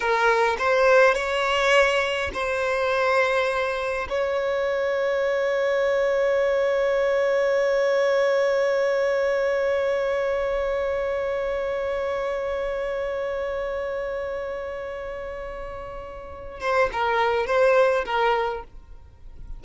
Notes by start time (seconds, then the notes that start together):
0.00 A#4
0.58 C5
1.14 C#5
2.33 C5
4.09 C#5
16.60 C5
16.92 A#4
17.46 C5
18.05 A#4